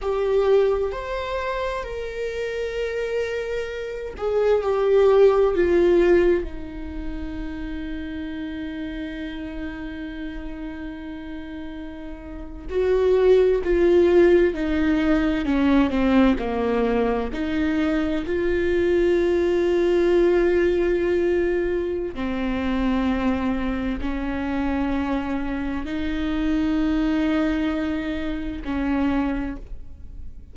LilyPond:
\new Staff \with { instrumentName = "viola" } { \time 4/4 \tempo 4 = 65 g'4 c''4 ais'2~ | ais'8 gis'8 g'4 f'4 dis'4~ | dis'1~ | dis'4.~ dis'16 fis'4 f'4 dis'16~ |
dis'8. cis'8 c'8 ais4 dis'4 f'16~ | f'1 | c'2 cis'2 | dis'2. cis'4 | }